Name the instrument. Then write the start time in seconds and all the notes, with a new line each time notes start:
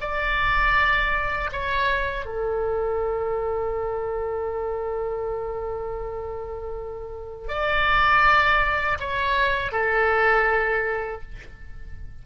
oboe
0.00 D5
1.52 C#5
2.25 A4
7.48 D5
9.00 C#5
9.71 A4